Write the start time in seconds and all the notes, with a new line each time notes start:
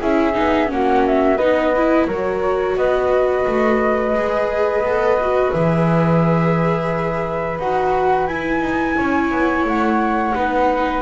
0.00 C#4 E4 G#4 E5
0.34 B3 D#4
0.67 A#3 C#4 F#4 F#5
1.06 E5
1.37 B3 D#4 B4 D#5
1.77 E4
2.07 F#3 F#4 A#4 C#5
2.76 B3 B4 D#5
3.47 A3
4.13 G#3 G#4
4.81 B3 A4
5.21 F#4
5.52 E3 G#4 E5
7.59 D#4 F#4 F#5
8.27 E4 G#5
8.61 D#4
8.98 C#4 C#5
9.31 B3
9.64 A3 F#5
10.35 B3 D#4 B4